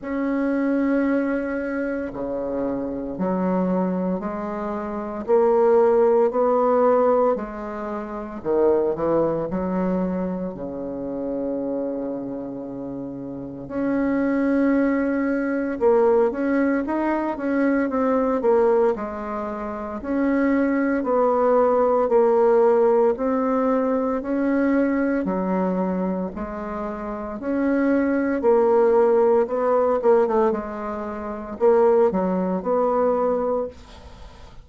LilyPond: \new Staff \with { instrumentName = "bassoon" } { \time 4/4 \tempo 4 = 57 cis'2 cis4 fis4 | gis4 ais4 b4 gis4 | dis8 e8 fis4 cis2~ | cis4 cis'2 ais8 cis'8 |
dis'8 cis'8 c'8 ais8 gis4 cis'4 | b4 ais4 c'4 cis'4 | fis4 gis4 cis'4 ais4 | b8 ais16 a16 gis4 ais8 fis8 b4 | }